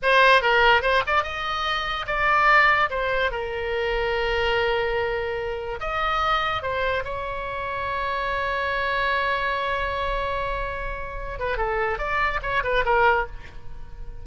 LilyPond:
\new Staff \with { instrumentName = "oboe" } { \time 4/4 \tempo 4 = 145 c''4 ais'4 c''8 d''8 dis''4~ | dis''4 d''2 c''4 | ais'1~ | ais'2 dis''2 |
c''4 cis''2.~ | cis''1~ | cis''2.~ cis''8 b'8 | a'4 d''4 cis''8 b'8 ais'4 | }